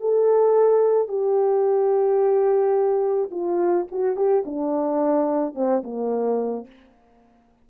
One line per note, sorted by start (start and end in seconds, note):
0.00 1.08 A4
1.08 3.30 G4
3.31 3.86 F4
3.91 4.16 F#4
4.16 4.43 G4
4.45 5.55 D4
5.55 5.82 C4
5.83 6.66 A#3